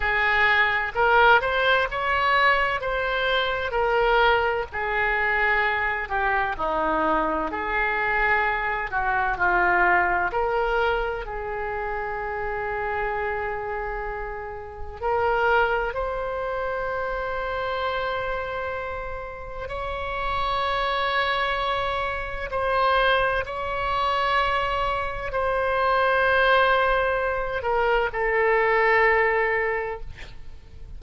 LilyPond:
\new Staff \with { instrumentName = "oboe" } { \time 4/4 \tempo 4 = 64 gis'4 ais'8 c''8 cis''4 c''4 | ais'4 gis'4. g'8 dis'4 | gis'4. fis'8 f'4 ais'4 | gis'1 |
ais'4 c''2.~ | c''4 cis''2. | c''4 cis''2 c''4~ | c''4. ais'8 a'2 | }